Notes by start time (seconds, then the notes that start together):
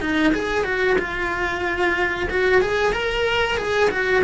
0.00 D#4
0.33 G#4
0.64 F#4
0.98 F4
2.29 F#4
2.61 G#4
2.92 A#4
3.57 G#4
3.90 F#4